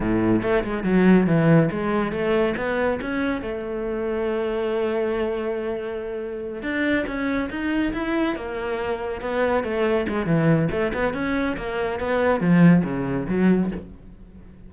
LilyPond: \new Staff \with { instrumentName = "cello" } { \time 4/4 \tempo 4 = 140 a,4 a8 gis8 fis4 e4 | gis4 a4 b4 cis'4 | a1~ | a2.~ a8 d'8~ |
d'8 cis'4 dis'4 e'4 ais8~ | ais4. b4 a4 gis8 | e4 a8 b8 cis'4 ais4 | b4 f4 cis4 fis4 | }